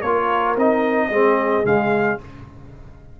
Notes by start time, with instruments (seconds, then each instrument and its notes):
0.00 tuba A#3, trombone F4, horn A#4, trumpet C#5
0.57 tuba C4, trombone D#4, trumpet D#5
1.09 tuba G#3, trombone C4, horn G#4
1.64 tuba C#3, trombone G#3, trumpet F5